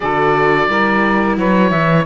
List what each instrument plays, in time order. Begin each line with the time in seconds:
0.00 cello D3, viola F#4, saxophone A4, oboe D5
0.68 cello G3, viola E4, saxophone A#4
1.37 cello F#3, saxophone B4, oboe C#5
1.70 cello E3, saxophone E5